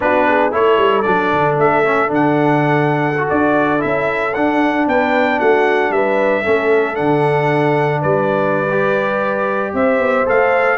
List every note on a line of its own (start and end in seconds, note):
0.00 0.52 B3
0.00 0.51 D4
0.00 0.28 F#4
0.00 0.53 B4
0.28 0.54 G#4
0.51 0.77 A3
0.51 1.04 E4
0.51 4.89 A4
0.51 1.02 C#5
0.77 1.04 G3
1.02 1.32 F#3
1.02 1.84 D4
1.02 1.54 D5
1.32 1.59 D3
1.59 2.10 A3
1.59 2.12 E5
1.84 2.08 C#4
2.08 3.28 D3
2.08 3.13 D4
2.08 3.29 F#5
3.18 3.79 F#4
3.29 3.83 D4
3.29 3.81 D5
3.79 4.36 C#4
3.79 4.31 E4
3.79 4.34 E5
4.34 6.44 D4
4.34 4.87 D4
4.34 4.86 F#5
4.87 5.39 B3
4.87 5.39 B4
4.87 5.39 G5
5.39 5.90 A3
5.39 5.92 F#4
5.39 5.91 F#5
5.90 6.42 G3
5.90 6.43 B4
5.90 6.95 E5
6.43 6.99 A3
6.43 6.95 C#4
6.43 8.01 A4
6.95 8.04 D3
6.95 8.66 D4
6.95 8.01 F#5
8.01 9.73 G3
8.01 9.72 B4
8.01 9.73 D5
8.70 10.25 G4
9.73 9.99 C4
9.73 10.78 C5
9.73 10.27 E5
9.99 10.25 B3
10.25 10.78 A3
10.25 10.78 A4
10.25 10.78 F5